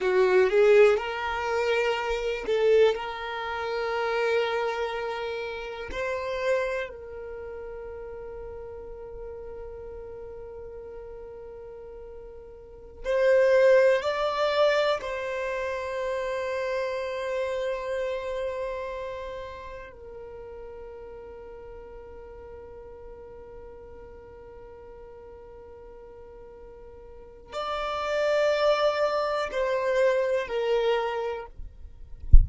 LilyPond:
\new Staff \with { instrumentName = "violin" } { \time 4/4 \tempo 4 = 61 fis'8 gis'8 ais'4. a'8 ais'4~ | ais'2 c''4 ais'4~ | ais'1~ | ais'4~ ais'16 c''4 d''4 c''8.~ |
c''1~ | c''16 ais'2.~ ais'8.~ | ais'1 | d''2 c''4 ais'4 | }